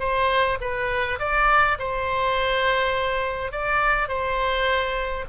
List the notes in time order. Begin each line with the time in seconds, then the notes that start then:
0.00 C5
0.61 B4
1.19 D5
1.79 C5
3.52 D5
4.09 C5